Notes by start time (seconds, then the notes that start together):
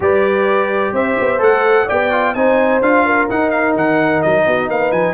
0.00 G3 G4 B4 D5
0.92 C4 C5 E5
1.19 B3
1.38 A3 A4 F#5
1.85 B3 G4 D5 G5
2.11 F4
2.34 C4 D#4 C5 G#5
2.81 D4 F4 F5
3.05 A#4
3.29 D#4 F#5
3.50 F5
3.75 D#3 F#5
4.22 F#3 D#5
4.46 B3 F#4
4.68 A#3 B4 F5
4.91 F3 G#5